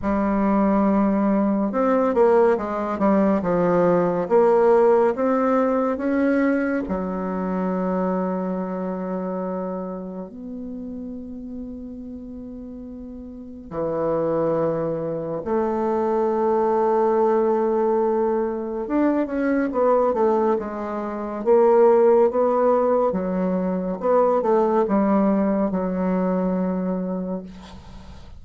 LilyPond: \new Staff \with { instrumentName = "bassoon" } { \time 4/4 \tempo 4 = 70 g2 c'8 ais8 gis8 g8 | f4 ais4 c'4 cis'4 | fis1 | b1 |
e2 a2~ | a2 d'8 cis'8 b8 a8 | gis4 ais4 b4 fis4 | b8 a8 g4 fis2 | }